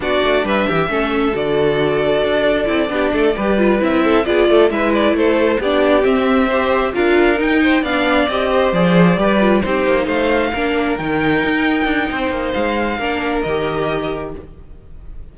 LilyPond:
<<
  \new Staff \with { instrumentName = "violin" } { \time 4/4 \tempo 4 = 134 d''4 e''2 d''4~ | d''1~ | d''8 e''4 d''4 e''8 d''8 c''8~ | c''8 d''4 e''2 f''8~ |
f''8 g''4 f''4 dis''4 d''8~ | d''4. c''4 f''4.~ | f''8 g''2.~ g''8 | f''2 dis''2 | }
  \new Staff \with { instrumentName = "violin" } { \time 4/4 fis'4 b'8 g'8 a'2~ | a'2~ a'8 g'8 a'8 b'8~ | b'4 a'8 gis'8 a'8 b'4 a'8~ | a'8 g'2 c''4 ais'8~ |
ais'4 c''8 d''4. c''4~ | c''8 b'4 g'4 c''4 ais'8~ | ais'2. c''4~ | c''4 ais'2. | }
  \new Staff \with { instrumentName = "viola" } { \time 4/4 d'2 cis'4 fis'4~ | fis'2 e'8 d'4 g'8 | f'8 e'4 f'4 e'4.~ | e'8 d'4 c'4 g'4 f'8~ |
f'8 dis'4 d'4 g'4 gis'8~ | gis'8 g'8 f'8 dis'2 d'8~ | d'8 dis'2.~ dis'8~ | dis'4 d'4 g'2 | }
  \new Staff \with { instrumentName = "cello" } { \time 4/4 b8 a8 g8 e8 a4 d4~ | d4 d'4 c'8 b8 a8 g8~ | g8 c'4 b8 a8 gis4 a8~ | a8 b4 c'2 d'8~ |
d'8 dis'4 b4 c'4 f8~ | f8 g4 c'8 ais8 a4 ais8~ | ais8 dis4 dis'4 d'8 c'8 ais8 | gis4 ais4 dis2 | }
>>